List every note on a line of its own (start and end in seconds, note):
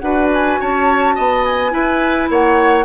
0.00 0.59 D4
0.00 1.71 F#4
0.00 0.61 B4
0.00 0.28 F#5
0.34 0.62 G#5
0.61 1.18 C#4
0.61 1.15 C#5
0.61 1.45 A5
1.15 1.74 B3
1.15 1.72 D#5
1.45 2.30 G#5
1.72 2.85 E4
1.72 2.30 E4
1.72 2.30 B4
2.30 2.85 A#3
2.30 2.85 C#5
2.30 2.85 F#5